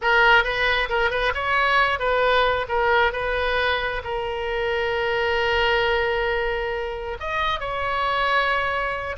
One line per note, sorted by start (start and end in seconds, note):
0.01 0.44 A#4
0.44 0.89 B4
0.89 1.10 A#4
1.10 1.32 B4
1.34 1.99 C#5
1.99 2.66 B4
2.68 3.12 A#4
3.12 4.02 B4
4.04 7.17 A#4
7.19 7.59 D#5
7.59 9.16 C#5